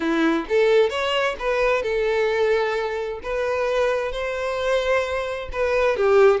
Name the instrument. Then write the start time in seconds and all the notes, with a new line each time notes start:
violin
0.00 E4
0.49 A4
0.89 C#5
1.39 B4
1.82 A4
3.22 B4
4.11 C5
5.52 B4
5.96 G4